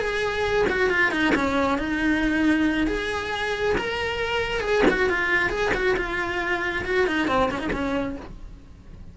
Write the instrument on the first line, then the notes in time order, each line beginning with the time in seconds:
cello
0.00 G#4
0.70 F#4
0.90 F4
1.12 D#4
1.36 C#4
1.79 D#4
2.88 G#4
3.78 A#4
4.61 G#4
4.91 F#4
5.10 F4
5.50 G#4
5.75 F#4
5.97 F4
6.86 F#4
7.07 D#4
7.28 C4
7.51 C#4
7.60 D#4
7.73 C#4